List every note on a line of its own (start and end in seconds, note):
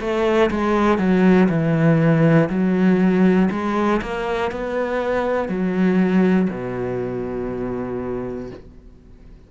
0.00 0.50 A3
0.50 0.98 G#3
0.98 1.48 F#3
1.49 2.49 E3
2.50 3.50 F#3
3.51 4.01 G#3
4.02 4.51 A#3
4.51 5.49 B3
5.49 6.49 F#3
6.50 8.50 B2